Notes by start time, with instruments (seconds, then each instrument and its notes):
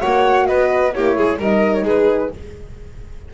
0.00 double bass A#3, horn F#4, violin C#5, flute F#5
0.47 double bass B3, violin B4, flute D#5
0.94 double bass A#3, horn E4, violin G4, flute C#5
1.17 double bass G#3, violin G#4
1.39 double bass G3, horn D#4, violin A#4, flute D#5
1.74 flute C#5
1.82 double bass G#3, violin G#4, flute B4